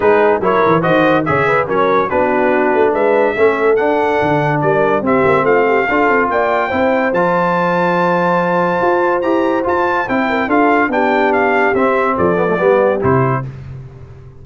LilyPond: <<
  \new Staff \with { instrumentName = "trumpet" } { \time 4/4 \tempo 4 = 143 b'4 cis''4 dis''4 e''4 | cis''4 b'2 e''4~ | e''4 fis''2 d''4 | e''4 f''2 g''4~ |
g''4 a''2.~ | a''2 ais''4 a''4 | g''4 f''4 g''4 f''4 | e''4 d''2 c''4 | }
  \new Staff \with { instrumentName = "horn" } { \time 4/4 gis'4 ais'4 c''4 cis''8 b'8 | ais'4 fis'2 b'4 | a'2. ais'4 | g'4 f'8 g'8 a'4 d''4 |
c''1~ | c''1~ | c''8 ais'8 a'4 g'2~ | g'4 a'4 g'2 | }
  \new Staff \with { instrumentName = "trombone" } { \time 4/4 dis'4 e'4 fis'4 gis'4 | cis'4 d'2. | cis'4 d'2. | c'2 f'2 |
e'4 f'2.~ | f'2 g'4 f'4 | e'4 f'4 d'2 | c'4. b16 a16 b4 e'4 | }
  \new Staff \with { instrumentName = "tuba" } { \time 4/4 gis4 fis8 e8 dis4 cis4 | fis4 b4. a8 gis4 | a4 d'4 d4 g4 | c'8 ais8 a4 d'8 c'8 ais4 |
c'4 f2.~ | f4 f'4 e'4 f'4 | c'4 d'4 b2 | c'4 f4 g4 c4 | }
>>